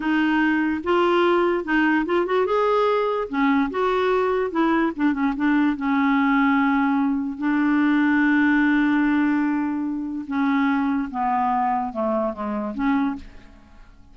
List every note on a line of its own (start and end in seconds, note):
0.00 0.81 D#4
0.83 1.64 F4
1.64 2.05 D#4
2.05 2.26 F4
2.26 2.45 F#4
2.45 3.28 G#4
3.29 3.70 C#4
3.70 4.51 F#4
4.51 4.92 E4
4.96 5.13 D4
5.13 5.33 C#4
5.36 5.76 D4
5.76 7.38 C#4
7.38 10.25 D4
10.27 11.09 C#4
11.11 11.92 B3
11.92 12.33 A3
12.33 12.74 G#3
12.74 13.15 C#4